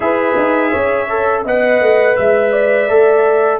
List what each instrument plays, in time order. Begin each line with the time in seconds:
0.00 tuba E4, trombone G#4, horn B4, trumpet E5
0.36 tuba D#4
0.71 tuba C#4, horn C#5
1.09 trombone A4
1.44 tuba B3, trombone B4, horn D#5, trumpet F#5
1.80 tuba A3
2.16 tuba G#3, trumpet E5, horn E5
2.52 horn D5
2.89 tuba A3, trombone A4